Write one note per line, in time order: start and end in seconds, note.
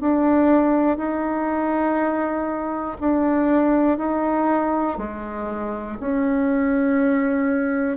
0.00 0.97 D4
0.97 2.97 D#4
3.00 3.98 D4
3.98 4.98 D#4
4.98 5.98 G#3
6.00 7.97 C#4